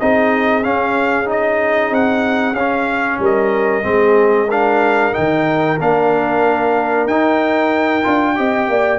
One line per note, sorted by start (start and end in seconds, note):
0.00 0.66 C4
0.00 0.63 D#4
0.00 3.21 G#4
0.00 0.64 D#5
0.63 1.25 C#4
0.63 1.90 C#4
0.63 1.28 F5
1.25 2.54 D#4
1.25 1.94 D#5
1.90 2.53 C4
1.90 2.55 F#5
2.53 3.17 C#4
2.53 3.19 F5
2.59 3.83 C#4
3.19 3.84 G3
3.19 3.85 A#4
3.19 4.51 D#5
3.83 5.13 G#3
3.83 4.48 C4
3.89 4.48 G#4
4.48 5.13 D4
4.48 8.35 A#4
4.48 5.14 F5
5.13 5.80 D#3
5.13 5.77 D#4
5.13 5.79 G5
5.80 7.07 A#3
5.80 7.09 D4
5.80 7.08 F5
7.07 8.03 D#4
7.07 8.04 D#4
7.07 8.99 G5
8.04 8.39 D4
8.04 8.36 F4
8.36 8.69 C4
8.36 8.99 G4
8.36 8.69 D#5
8.69 8.99 A#3
8.69 8.99 D5